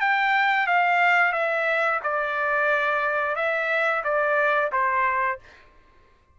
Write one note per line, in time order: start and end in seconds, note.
0.00 0.66 G5
0.66 1.32 F5
1.32 1.99 E5
2.03 3.35 D5
3.35 4.03 E5
4.04 4.71 D5
4.72 5.39 C5